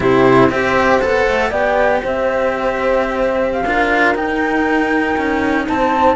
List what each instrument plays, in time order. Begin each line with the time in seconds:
0.00 cello C3 E4, horn G4, flute C5
0.49 cello C4 G4, horn C5, flute E5
0.99 cello B3 A4, flute F#5
1.27 cello A3
1.50 cello B3 G4, horn D5, flute G5
2.02 cello C4, horn C5, flute E5
3.52 flute F5
3.64 cello D4 F4, horn A#4
4.14 cello D#4, flute G5
5.17 cello C#4
5.67 cello C4, horn C5, flute A5